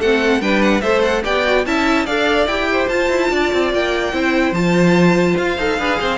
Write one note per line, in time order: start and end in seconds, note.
0.00 0.41 A3
0.00 0.41 C4
0.00 0.42 A4
0.00 0.42 F#5
0.41 0.82 G3
0.41 0.82 D4
0.41 0.82 B4
0.41 0.62 G5
0.62 0.81 F#5
0.81 1.25 A3
0.81 1.24 A4
0.81 1.23 C5
0.81 1.02 E5
1.03 1.23 F#5
1.24 1.66 B3
1.24 1.44 G4
1.24 1.66 D5
1.24 1.66 G5
1.44 1.64 F#4
1.66 2.07 C#4
1.66 2.07 E4
1.66 2.06 E5
1.66 2.06 A5
2.06 2.47 D4
2.06 2.49 A4
2.06 2.68 D5
2.06 2.47 F5
2.47 2.88 E4
2.47 2.91 G4
2.47 2.89 G5
2.72 3.32 C5
2.89 3.10 F4
2.89 4.13 F4
2.89 3.71 A5
3.10 3.31 E4
3.31 3.52 D4
3.31 4.14 D5
3.53 3.74 C4
3.74 4.13 A#3
3.74 4.54 G5
4.13 4.52 C4
4.13 4.54 E4
4.13 5.79 C5
4.52 5.35 F3
4.52 5.59 F4
4.52 5.37 A5
5.37 5.58 F4
5.37 6.18 F5
5.58 5.78 D#4
5.58 5.79 A4
5.78 5.99 D4
5.78 6.18 G#4
5.78 6.00 B4
6.00 6.18 C4
6.00 6.18 C5